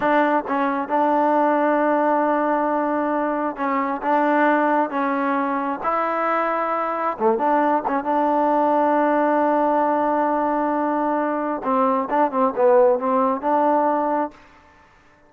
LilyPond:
\new Staff \with { instrumentName = "trombone" } { \time 4/4 \tempo 4 = 134 d'4 cis'4 d'2~ | d'1 | cis'4 d'2 cis'4~ | cis'4 e'2. |
a8 d'4 cis'8 d'2~ | d'1~ | d'2 c'4 d'8 c'8 | b4 c'4 d'2 | }